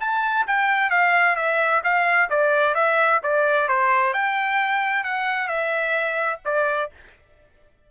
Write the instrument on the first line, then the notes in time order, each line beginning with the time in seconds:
trumpet
0.00 A5
0.47 G5
0.90 F5
1.36 E5
1.83 F5
2.29 D5
2.75 E5
3.23 D5
3.68 C5
4.13 G5
5.04 F#5
5.48 E5
6.45 D5